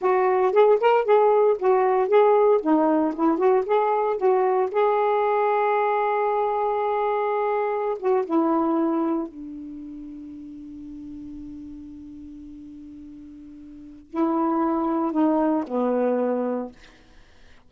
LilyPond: \new Staff \with { instrumentName = "saxophone" } { \time 4/4 \tempo 4 = 115 fis'4 gis'8 ais'8 gis'4 fis'4 | gis'4 dis'4 e'8 fis'8 gis'4 | fis'4 gis'2.~ | gis'2.~ gis'16 fis'8 e'16~ |
e'4.~ e'16 d'2~ d'16~ | d'1~ | d'2. e'4~ | e'4 dis'4 b2 | }